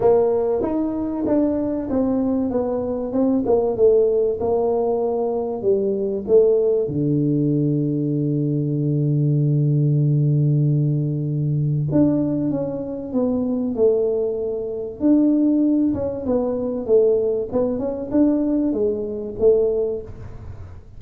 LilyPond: \new Staff \with { instrumentName = "tuba" } { \time 4/4 \tempo 4 = 96 ais4 dis'4 d'4 c'4 | b4 c'8 ais8 a4 ais4~ | ais4 g4 a4 d4~ | d1~ |
d2. d'4 | cis'4 b4 a2 | d'4. cis'8 b4 a4 | b8 cis'8 d'4 gis4 a4 | }